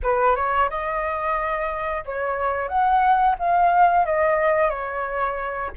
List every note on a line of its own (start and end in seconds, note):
0.02 0.35 B4
0.35 0.69 C#5
0.69 2.04 D#5
2.05 2.68 C#5
2.68 3.35 F#5
3.39 4.05 F5
4.05 4.69 D#5
4.69 5.71 C#5